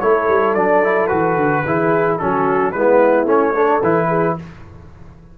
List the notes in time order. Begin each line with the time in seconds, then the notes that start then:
0.00 A3 E4 A4 C#5
0.28 G3
0.54 F#3 D4 D5
0.83 E4
1.07 E3 F#4 B4
1.36 D3
1.65 E3 E4 G#4
2.17 F#3 C#4 F#4 A4
2.71 G#3 B3 E4 B4
3.24 A3 C#4 C#5
3.53 D4 A4
3.82 E3 E4 B4
4.08 G#4